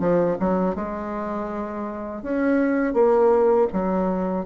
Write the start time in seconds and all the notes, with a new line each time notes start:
0.00 F3
0.40 F#3
0.76 G#3
2.23 C#4
2.94 A#3
3.73 F#3